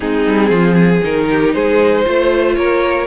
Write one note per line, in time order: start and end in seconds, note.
0.00 0.26 G#3
0.00 1.01 C4
0.00 0.50 D#4
0.00 1.02 G#4
0.26 0.50 G3
0.50 1.01 F3
0.50 0.73 F4
0.73 1.25 G#4
1.04 1.54 D#3
1.04 2.05 D#4
1.04 1.53 A#4
1.30 1.55 G4
1.53 2.06 G#3
1.53 2.04 G#4
1.53 2.55 C5
2.04 2.57 A3
2.04 3.06 F4
2.04 2.55 C5
2.55 3.06 A#3
2.55 3.06 A#4
2.55 3.06 C#5